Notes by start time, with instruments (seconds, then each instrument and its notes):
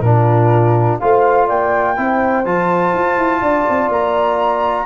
0.00 tuba A#2, trombone D4, horn F4, flute A#4
0.99 tuba A3, trombone F4, horn C5, flute F5
1.47 tuba A#3, horn D5, flute G5
1.96 tuba C4, trombone E4, horn C5
2.45 tuba F3, trombone F4, flute A5
2.94 tuba F4
3.17 tuba E4
3.42 tuba D4, horn D5
3.70 tuba C4
3.89 tuba A#3, flute A#5